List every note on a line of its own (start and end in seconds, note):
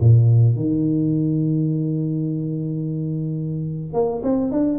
0.00 0.56 A#2
0.56 3.94 D#3
3.94 4.22 A#3
4.24 4.52 C4
4.52 4.79 D4